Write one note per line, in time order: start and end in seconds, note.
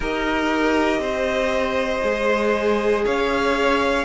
0.00 0.99 D#4
0.00 2.01 G4
0.00 1.00 A#4
0.00 3.05 D#5
0.99 2.00 C4
0.99 3.04 C5
2.01 3.05 G#3
2.01 4.04 G#4
3.05 4.04 C#4
3.05 4.04 C#5
3.05 4.04 F5